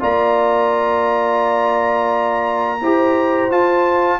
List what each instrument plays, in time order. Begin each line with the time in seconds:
0.00 tuba A#3, trombone F4, horn D5, trumpet A#5
2.81 tuba E4, trombone G4, horn C5
3.51 trombone F4, tuba F4, trumpet A5